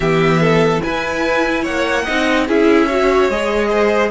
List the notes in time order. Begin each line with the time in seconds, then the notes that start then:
0.00 E3 B3 G4 E5
0.40 A4
0.81 E4 B4 G#5
1.62 A#3 C#5 F#5
2.04 C4 D#4 D#5
2.47 C#4 E4 G#4 E5
2.86 F#4 C#5
3.29 G#3 G#4 D#5
3.70 C5